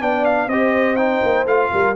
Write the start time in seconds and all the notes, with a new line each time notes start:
0.00 B3 D4 D5 G5
0.25 F5
0.47 C4 G4 C5 D#5
0.96 D#4 G5
1.24 A#3
1.46 A3 F4 F5
1.72 G3 A#4